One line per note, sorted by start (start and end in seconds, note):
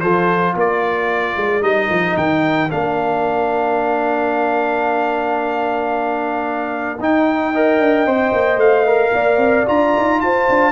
0.00 0.55 F3
0.00 1.61 F4
0.00 0.55 A4
0.00 0.54 C5
0.55 1.35 A#3
0.55 7.51 A#4
0.55 1.62 D5
1.36 1.62 G#3
1.61 1.89 G3
1.61 2.69 D#4
1.61 2.16 D#5
1.89 2.16 F3
2.17 2.70 D#3
2.17 2.70 G5
2.69 6.99 A#3
2.69 6.98 D4
2.69 6.99 F5
6.99 7.79 D#4
6.99 7.54 D#4
6.99 8.59 G5
7.52 8.06 A#4
7.52 9.13 D#5
7.79 8.06 D4
8.06 8.32 C4
8.06 8.86 C5
8.33 8.57 A#3
8.57 9.10 A3
8.57 9.67 F5
8.86 9.66 A#4
9.13 9.37 A#3
9.13 10.21 D5
9.37 9.64 C4
9.66 9.95 D4
9.66 10.72 F4
9.66 10.20 A#5
9.96 10.21 D#4
10.20 10.48 F4
10.20 10.72 C5
10.20 10.72 A5
10.49 10.72 D4